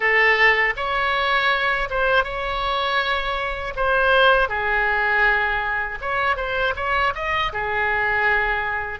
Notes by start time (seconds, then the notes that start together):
0.00 A4
0.76 C#5
1.90 C5
2.24 C#5
3.75 C5
4.48 G#4
6.01 C#5
6.36 C5
6.76 C#5
7.15 D#5
7.52 G#4